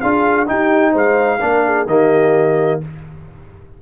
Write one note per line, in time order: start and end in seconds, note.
0.00 0.49 D4
0.00 0.46 F4
0.00 0.48 G#4
0.00 0.47 F5
0.46 1.39 D#4
0.46 0.94 D#4
0.46 0.91 G4
0.46 0.94 G5
0.91 1.40 G#3
0.91 1.38 C5
0.91 1.87 F5
1.41 1.86 A#3
1.41 1.87 D4
1.41 1.65 A#4
1.65 1.88 G#4
1.86 2.79 D#3
1.86 2.81 A#3
1.86 2.81 G4
1.86 2.80 D#5